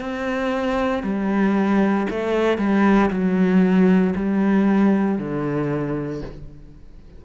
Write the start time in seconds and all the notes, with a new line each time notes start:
0.00 C4
1.03 G3
2.10 A3
2.58 G3
3.10 F#3
4.15 G3
5.18 D3